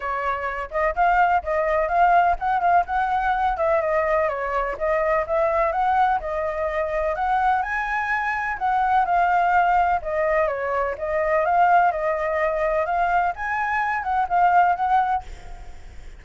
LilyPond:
\new Staff \with { instrumentName = "flute" } { \time 4/4 \tempo 4 = 126 cis''4. dis''8 f''4 dis''4 | f''4 fis''8 f''8 fis''4. e''8 | dis''4 cis''4 dis''4 e''4 | fis''4 dis''2 fis''4 |
gis''2 fis''4 f''4~ | f''4 dis''4 cis''4 dis''4 | f''4 dis''2 f''4 | gis''4. fis''8 f''4 fis''4 | }